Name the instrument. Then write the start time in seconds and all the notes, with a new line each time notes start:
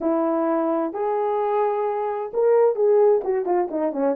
horn
0.00 E4
0.93 G#4
2.33 A#4
2.75 G#4
3.24 F#4
3.45 F4
3.70 D#4
3.92 C#4